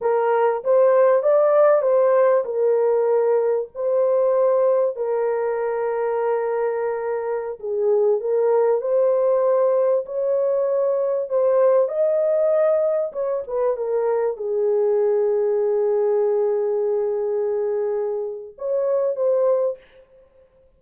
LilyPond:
\new Staff \with { instrumentName = "horn" } { \time 4/4 \tempo 4 = 97 ais'4 c''4 d''4 c''4 | ais'2 c''2 | ais'1~ | ais'16 gis'4 ais'4 c''4.~ c''16~ |
c''16 cis''2 c''4 dis''8.~ | dis''4~ dis''16 cis''8 b'8 ais'4 gis'8.~ | gis'1~ | gis'2 cis''4 c''4 | }